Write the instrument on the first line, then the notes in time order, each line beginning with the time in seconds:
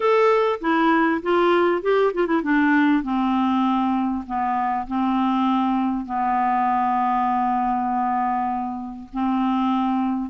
clarinet
0.00 A4
0.60 E4
1.22 F4
1.82 G4
2.13 F4
2.26 E4
2.42 D4
3.03 C4
4.26 B3
4.87 C4
6.05 B3
9.12 C4